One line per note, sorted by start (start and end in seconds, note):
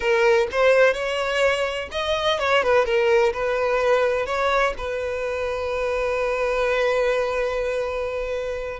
0.00 0.47 A#4
0.51 0.93 C5
0.93 1.89 C#5
1.91 2.39 D#5
2.39 2.62 C#5
2.62 2.85 B4
2.85 3.32 A#4
3.33 4.26 B4
4.26 4.73 C#5
4.77 8.80 B4